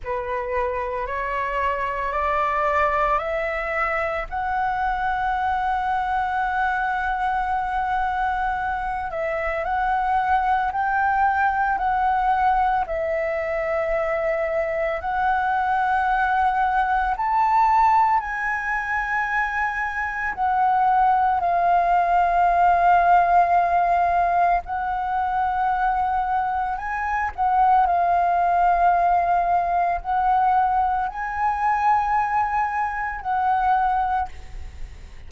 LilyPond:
\new Staff \with { instrumentName = "flute" } { \time 4/4 \tempo 4 = 56 b'4 cis''4 d''4 e''4 | fis''1~ | fis''8 e''8 fis''4 g''4 fis''4 | e''2 fis''2 |
a''4 gis''2 fis''4 | f''2. fis''4~ | fis''4 gis''8 fis''8 f''2 | fis''4 gis''2 fis''4 | }